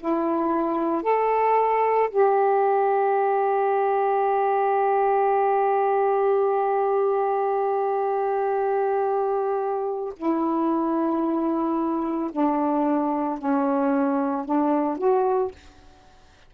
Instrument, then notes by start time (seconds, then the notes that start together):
saxophone
0.00 E4
1.03 A4
2.10 G4
10.16 E4
12.32 D4
13.39 C#4
14.45 D4
14.98 F#4